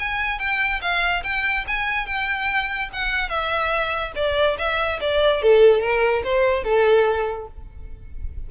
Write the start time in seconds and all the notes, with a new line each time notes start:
0.00 G#5
0.40 G5
0.82 F5
1.24 G5
1.68 G#5
2.07 G5
2.94 F#5
3.29 E5
4.16 D5
4.59 E5
5.01 D5
5.43 A4
5.81 A#4
6.24 C5
6.64 A4